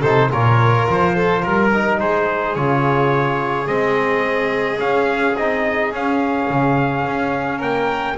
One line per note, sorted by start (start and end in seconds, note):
0.00 0.31 C3
0.00 0.30 D#4
0.00 0.28 A4
0.00 0.30 C5
0.30 0.88 A#2
0.30 1.71 F4
0.30 1.15 A#4
0.30 0.88 C#5
0.89 1.44 F3
0.89 1.44 C5
1.15 1.41 A4
1.41 2.00 G3
1.41 1.98 A#4
1.41 2.00 A#4
1.73 2.56 D#4
2.00 2.55 G#3
2.00 7.57 G#4
2.00 2.55 C5
2.55 3.67 C#3
2.55 3.66 F4
2.55 3.66 C#5
3.66 4.80 G#3
3.66 4.77 C4
3.66 4.79 D#5
4.77 5.33 C#4
4.77 5.37 C#4
4.77 5.36 F5
5.36 5.91 C4
5.36 5.93 D#4
5.36 5.92 D#5
5.91 6.48 C#4
5.91 8.18 C#4
5.91 7.61 F5
6.49 7.05 C#3
7.05 7.61 C#4
7.57 8.17 A#3
7.57 8.13 A#4
7.57 8.17 G5